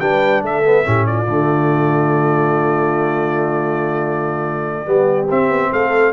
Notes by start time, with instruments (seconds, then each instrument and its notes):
0.00 tuba G3, trombone D4, horn B4, trumpet G5
0.42 tuba A3, horn A4, trumpet E5
0.65 trombone B3
0.84 tuba A2, trombone C#4, horn G4
1.06 horn F4, trumpet D5
1.28 tuba D3, trombone A3
4.86 tuba G3, trombone B3, horn G4
5.30 trombone C4, tuba C4, trumpet E5
5.49 tuba B3
5.72 tuba A3, horn A4, trumpet F5